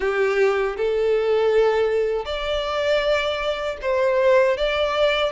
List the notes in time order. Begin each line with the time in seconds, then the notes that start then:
0.00 G4
0.76 A4
2.25 D5
3.81 C5
4.57 D5